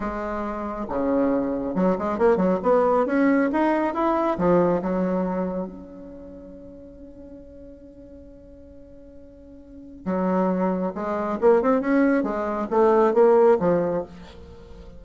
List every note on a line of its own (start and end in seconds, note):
0.00 0.85 G#3
0.89 1.74 C#3
1.74 1.96 F#3
1.98 2.18 G#3
2.18 2.36 A#3
2.36 2.58 F#3
2.63 3.06 B3
3.06 3.49 C#4
3.52 3.93 D#4
3.93 4.37 E4
4.37 4.81 F3
4.82 5.67 F#3
5.67 10.05 C#4
10.05 10.92 F#3
10.94 11.38 G#3
11.40 11.62 A#3
11.62 11.80 C4
11.80 12.23 C#4
12.23 12.67 G#3
12.70 13.13 A3
13.13 13.57 A#3
13.59 14.03 F3